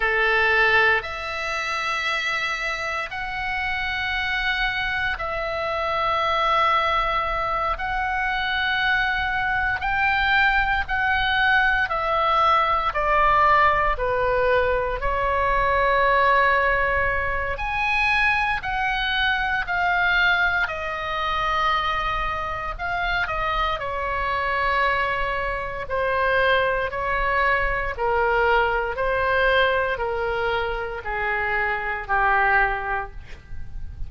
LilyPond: \new Staff \with { instrumentName = "oboe" } { \time 4/4 \tempo 4 = 58 a'4 e''2 fis''4~ | fis''4 e''2~ e''8 fis''8~ | fis''4. g''4 fis''4 e''8~ | e''8 d''4 b'4 cis''4.~ |
cis''4 gis''4 fis''4 f''4 | dis''2 f''8 dis''8 cis''4~ | cis''4 c''4 cis''4 ais'4 | c''4 ais'4 gis'4 g'4 | }